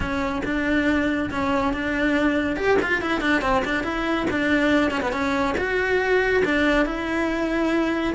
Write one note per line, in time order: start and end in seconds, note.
0.00 0.42 C#4
0.44 1.30 D4
1.30 1.73 C#4
1.73 2.56 D4
2.56 2.77 G4
2.81 3.01 F4
3.01 3.20 E4
3.20 3.41 D4
3.41 3.63 C4
3.64 3.83 D4
3.83 4.26 E4
4.30 4.91 D4
4.91 5.01 C#4
5.02 5.12 B3
5.12 5.55 C#4
5.57 6.43 F#4
6.44 6.85 D4
6.85 8.14 E4